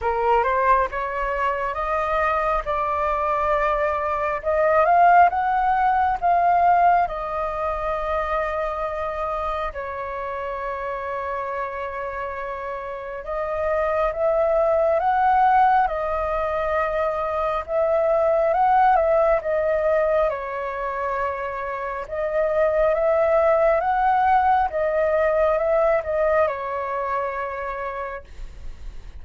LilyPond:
\new Staff \with { instrumentName = "flute" } { \time 4/4 \tempo 4 = 68 ais'8 c''8 cis''4 dis''4 d''4~ | d''4 dis''8 f''8 fis''4 f''4 | dis''2. cis''4~ | cis''2. dis''4 |
e''4 fis''4 dis''2 | e''4 fis''8 e''8 dis''4 cis''4~ | cis''4 dis''4 e''4 fis''4 | dis''4 e''8 dis''8 cis''2 | }